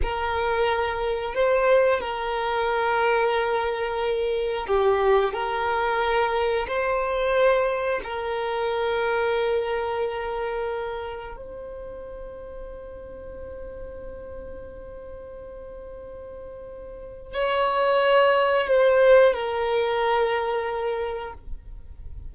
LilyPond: \new Staff \with { instrumentName = "violin" } { \time 4/4 \tempo 4 = 90 ais'2 c''4 ais'4~ | ais'2. g'4 | ais'2 c''2 | ais'1~ |
ais'4 c''2.~ | c''1~ | c''2 cis''2 | c''4 ais'2. | }